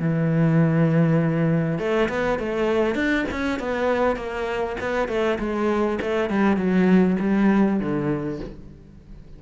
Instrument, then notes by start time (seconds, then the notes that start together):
cello
0.00 E3
1.79 A3
2.09 B3
2.39 A3
2.95 D4
3.31 C#4
3.59 B3
4.16 A#3
4.80 B3
5.08 A3
5.39 G#3
6.01 A3
6.30 G3
6.57 F#3
7.20 G3
7.80 D3